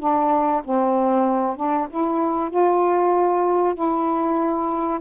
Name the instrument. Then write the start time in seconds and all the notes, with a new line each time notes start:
saxophone
0.00 D4
0.65 C4
1.57 D4
1.91 E4
2.51 F4
3.75 E4